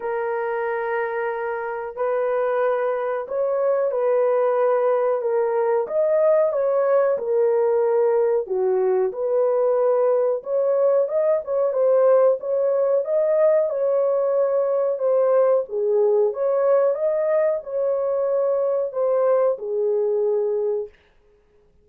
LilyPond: \new Staff \with { instrumentName = "horn" } { \time 4/4 \tempo 4 = 92 ais'2. b'4~ | b'4 cis''4 b'2 | ais'4 dis''4 cis''4 ais'4~ | ais'4 fis'4 b'2 |
cis''4 dis''8 cis''8 c''4 cis''4 | dis''4 cis''2 c''4 | gis'4 cis''4 dis''4 cis''4~ | cis''4 c''4 gis'2 | }